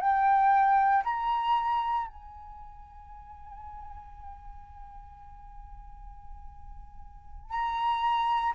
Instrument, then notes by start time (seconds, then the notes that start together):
flute
0.00 G5
1.04 A#5
2.07 G#5
7.50 A#5